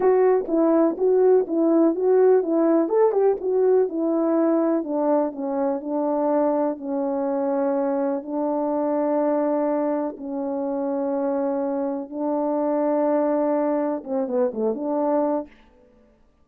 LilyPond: \new Staff \with { instrumentName = "horn" } { \time 4/4 \tempo 4 = 124 fis'4 e'4 fis'4 e'4 | fis'4 e'4 a'8 g'8 fis'4 | e'2 d'4 cis'4 | d'2 cis'2~ |
cis'4 d'2.~ | d'4 cis'2.~ | cis'4 d'2.~ | d'4 c'8 b8 a8 d'4. | }